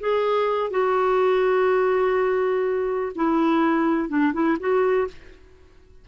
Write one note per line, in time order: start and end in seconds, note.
0.00 0.71 G#4
0.71 3.13 F#4
3.15 4.09 E4
4.09 4.33 D4
4.34 4.58 E4
4.60 5.08 F#4